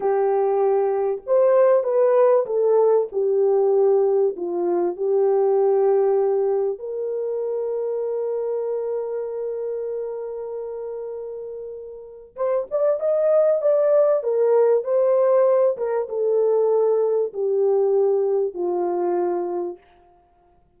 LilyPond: \new Staff \with { instrumentName = "horn" } { \time 4/4 \tempo 4 = 97 g'2 c''4 b'4 | a'4 g'2 f'4 | g'2. ais'4~ | ais'1~ |
ais'1 | c''8 d''8 dis''4 d''4 ais'4 | c''4. ais'8 a'2 | g'2 f'2 | }